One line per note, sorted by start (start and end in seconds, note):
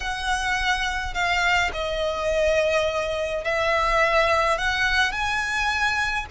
0.00 1.14 F#5
1.14 1.71 F5
1.73 3.44 D#5
3.44 4.57 E5
4.57 5.11 F#5
5.11 6.26 G#5